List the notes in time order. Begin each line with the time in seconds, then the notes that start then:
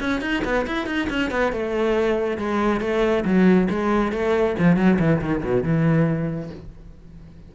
0.00 C#4
0.22 D#4
0.45 B3
0.67 E4
0.87 D#4
1.10 C#4
1.31 B3
1.53 A3
2.38 G#3
2.81 A3
3.25 F#3
3.70 G#3
4.12 A3
4.59 F3
4.77 F#3
4.99 E3
5.22 D#3
5.44 B2
5.63 E3